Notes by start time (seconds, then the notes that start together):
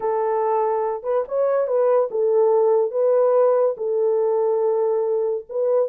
0.00 A4
1.03 B4
1.28 C#5
1.67 B4
2.10 A4
2.91 B4
3.77 A4
5.49 B4